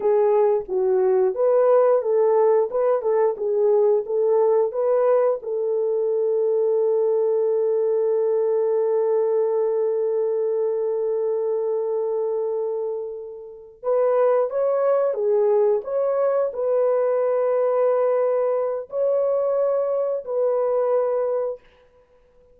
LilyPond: \new Staff \with { instrumentName = "horn" } { \time 4/4 \tempo 4 = 89 gis'4 fis'4 b'4 a'4 | b'8 a'8 gis'4 a'4 b'4 | a'1~ | a'1~ |
a'1~ | a'8 b'4 cis''4 gis'4 cis''8~ | cis''8 b'2.~ b'8 | cis''2 b'2 | }